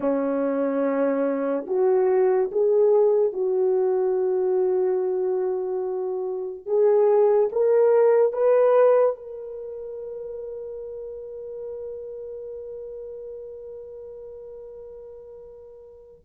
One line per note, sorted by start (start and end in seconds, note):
0.00 1.66 C#4
1.67 2.50 F#4
2.51 3.32 G#4
3.32 6.66 F#4
6.66 7.49 G#4
7.52 8.33 A#4
8.33 9.16 B4
9.16 16.24 A#4